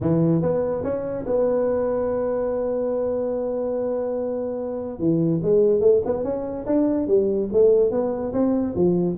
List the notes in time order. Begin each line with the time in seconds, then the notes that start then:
0.01 E3
0.42 B3
0.83 C#4
1.26 B3
4.98 E3
5.42 G#3
5.80 A3
6.05 B3
6.23 C#4
6.66 D4
7.07 G3
7.52 A3
7.91 B3
8.32 C4
8.75 F3